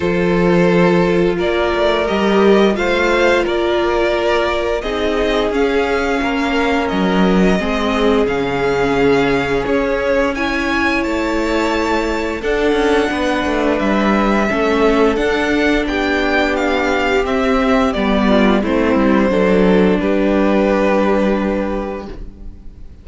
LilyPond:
<<
  \new Staff \with { instrumentName = "violin" } { \time 4/4 \tempo 4 = 87 c''2 d''4 dis''4 | f''4 d''2 dis''4 | f''2 dis''2 | f''2 cis''4 gis''4 |
a''2 fis''2 | e''2 fis''4 g''4 | f''4 e''4 d''4 c''4~ | c''4 b'2. | }
  \new Staff \with { instrumentName = "violin" } { \time 4/4 a'2 ais'2 | c''4 ais'2 gis'4~ | gis'4 ais'2 gis'4~ | gis'2. cis''4~ |
cis''2 a'4 b'4~ | b'4 a'2 g'4~ | g'2~ g'8 f'8 e'4 | a'4 g'2. | }
  \new Staff \with { instrumentName = "viola" } { \time 4/4 f'2. g'4 | f'2. dis'4 | cis'2. c'4 | cis'2. e'4~ |
e'2 d'2~ | d'4 cis'4 d'2~ | d'4 c'4 b4 c'4 | d'1 | }
  \new Staff \with { instrumentName = "cello" } { \time 4/4 f2 ais8 a8 g4 | a4 ais2 c'4 | cis'4 ais4 fis4 gis4 | cis2 cis'2 |
a2 d'8 cis'8 b8 a8 | g4 a4 d'4 b4~ | b4 c'4 g4 a8 g8 | fis4 g2. | }
>>